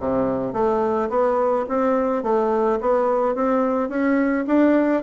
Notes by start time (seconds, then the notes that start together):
0.00 C3
0.54 A3
1.10 B3
1.69 C4
2.23 A3
2.81 B3
3.36 C4
3.89 C#4
4.48 D4